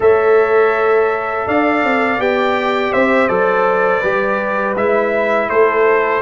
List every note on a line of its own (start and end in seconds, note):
0.00 1.46 A3
0.00 2.18 A4
0.00 1.47 C#5
0.00 1.47 E5
1.47 1.83 D4
1.47 2.92 D5
1.47 2.20 F5
1.83 2.19 C4
2.18 2.92 B3
2.18 3.28 G4
2.18 2.92 G5
2.92 3.28 C4
2.92 4.00 C5
2.92 3.28 E5
3.28 4.01 F#3
3.28 4.01 A4
3.28 4.74 D5
4.00 4.76 G3
4.00 4.76 G4
4.00 5.46 B4
4.76 5.49 G#3
4.76 6.21 E4
4.76 5.49 E5
5.49 6.21 A3
5.49 6.21 A4
5.49 6.21 C5